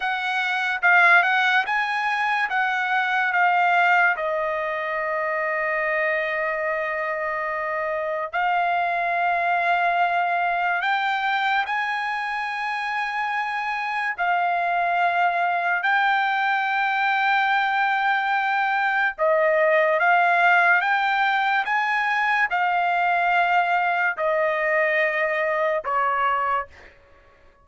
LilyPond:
\new Staff \with { instrumentName = "trumpet" } { \time 4/4 \tempo 4 = 72 fis''4 f''8 fis''8 gis''4 fis''4 | f''4 dis''2.~ | dis''2 f''2~ | f''4 g''4 gis''2~ |
gis''4 f''2 g''4~ | g''2. dis''4 | f''4 g''4 gis''4 f''4~ | f''4 dis''2 cis''4 | }